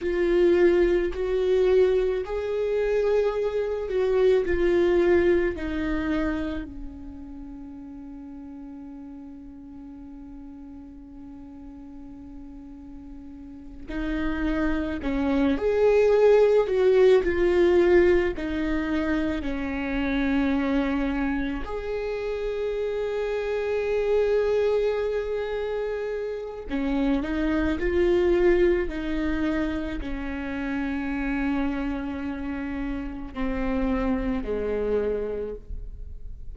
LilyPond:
\new Staff \with { instrumentName = "viola" } { \time 4/4 \tempo 4 = 54 f'4 fis'4 gis'4. fis'8 | f'4 dis'4 cis'2~ | cis'1~ | cis'8 dis'4 cis'8 gis'4 fis'8 f'8~ |
f'8 dis'4 cis'2 gis'8~ | gis'1 | cis'8 dis'8 f'4 dis'4 cis'4~ | cis'2 c'4 gis4 | }